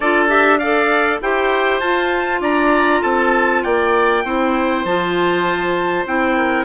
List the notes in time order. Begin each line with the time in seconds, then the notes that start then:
0.00 D4 F4 A4 D5
0.28 G4 E5
0.58 A4 D5 F5
1.20 E4 G4 C5 G5
1.80 F4 A5
2.40 D4 D5 A#5
3.01 C4 A4 A5
3.63 A#3 D5 G5
4.24 C4 E4 C5
4.84 F3 F4 A5
6.05 C4 E4 G5
6.36 A#4